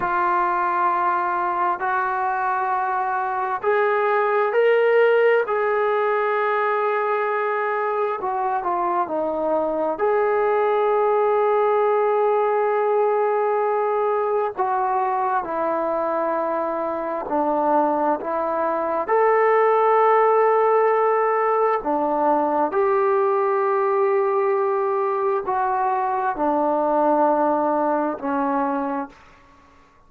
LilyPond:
\new Staff \with { instrumentName = "trombone" } { \time 4/4 \tempo 4 = 66 f'2 fis'2 | gis'4 ais'4 gis'2~ | gis'4 fis'8 f'8 dis'4 gis'4~ | gis'1 |
fis'4 e'2 d'4 | e'4 a'2. | d'4 g'2. | fis'4 d'2 cis'4 | }